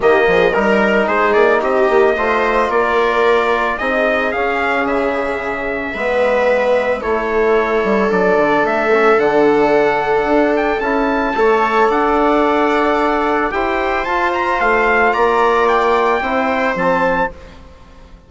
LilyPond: <<
  \new Staff \with { instrumentName = "trumpet" } { \time 4/4 \tempo 4 = 111 dis''4 ais'4 c''8 d''8 dis''4~ | dis''4 d''2 dis''4 | f''4 e''2.~ | e''4 cis''2 d''4 |
e''4 fis''2~ fis''8 g''8 | a''2 fis''2~ | fis''4 g''4 a''8 ais''8 f''4 | ais''4 g''2 a''4 | }
  \new Staff \with { instrumentName = "viola" } { \time 4/4 g'8 gis'8 ais'4 gis'4 g'4 | c''4 ais'2 gis'4~ | gis'2. b'4~ | b'4 a'2.~ |
a'1~ | a'4 cis''4 d''2~ | d''4 c''2. | d''2 c''2 | }
  \new Staff \with { instrumentName = "trombone" } { \time 4/4 ais4 dis'2. | f'2. dis'4 | cis'2. b4~ | b4 e'2 d'4~ |
d'8 cis'8 d'2. | e'4 a'2.~ | a'4 g'4 f'2~ | f'2 e'4 c'4 | }
  \new Staff \with { instrumentName = "bassoon" } { \time 4/4 dis8 f8 g4 gis8 ais8 c'8 ais8 | a4 ais2 c'4 | cis'4 cis2 gis4~ | gis4 a4. g8 fis8 d8 |
a4 d2 d'4 | cis'4 a4 d'2~ | d'4 e'4 f'4 a4 | ais2 c'4 f4 | }
>>